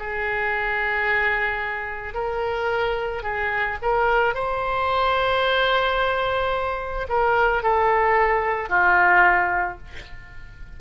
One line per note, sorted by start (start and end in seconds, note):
0.00 2.14 G#4
2.14 3.23 A#4
3.23 3.78 G#4
3.83 4.35 A#4
4.35 7.08 C5
7.09 7.63 A#4
7.63 8.70 A4
8.70 9.79 F4